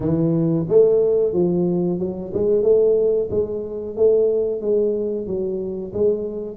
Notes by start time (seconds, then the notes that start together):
0.00 E3
0.68 A3
1.33 F3
1.99 F#3
2.33 G#3
2.62 A3
3.30 G#3
3.96 A3
4.61 G#3
5.27 F#3
5.93 G#3